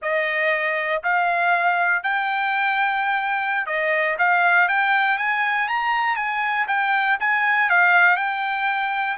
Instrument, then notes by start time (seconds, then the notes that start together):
trumpet
0.02 D#5
1.03 F5
2.03 G5
3.66 D#5
4.18 F5
4.68 G5
5.18 G#5
5.68 A#5
6.16 G#5
6.67 G5
7.20 G#5
7.69 F5
8.16 G5